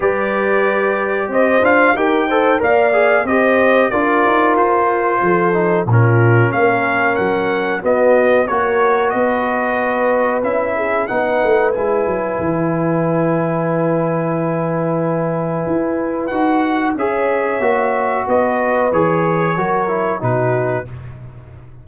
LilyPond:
<<
  \new Staff \with { instrumentName = "trumpet" } { \time 4/4 \tempo 4 = 92 d''2 dis''8 f''8 g''4 | f''4 dis''4 d''4 c''4~ | c''4 ais'4 f''4 fis''4 | dis''4 cis''4 dis''2 |
e''4 fis''4 gis''2~ | gis''1~ | gis''4 fis''4 e''2 | dis''4 cis''2 b'4 | }
  \new Staff \with { instrumentName = "horn" } { \time 4/4 b'2 c''4 ais'8 c''8 | d''4 c''4 ais'2 | a'4 f'4 ais'2 | fis'4 ais'4 b'2~ |
b'8 gis'8 b'2.~ | b'1~ | b'2 cis''2 | b'2 ais'4 fis'4 | }
  \new Staff \with { instrumentName = "trombone" } { \time 4/4 g'2~ g'8 f'8 g'8 a'8 | ais'8 gis'8 g'4 f'2~ | f'8 dis'8 cis'2. | b4 fis'2. |
e'4 dis'4 e'2~ | e'1~ | e'4 fis'4 gis'4 fis'4~ | fis'4 gis'4 fis'8 e'8 dis'4 | }
  \new Staff \with { instrumentName = "tuba" } { \time 4/4 g2 c'8 d'8 dis'4 | ais4 c'4 d'8 dis'8 f'4 | f4 ais,4 ais4 fis4 | b4 ais4 b2 |
cis'4 b8 a8 gis8 fis8 e4~ | e1 | e'4 dis'4 cis'4 ais4 | b4 e4 fis4 b,4 | }
>>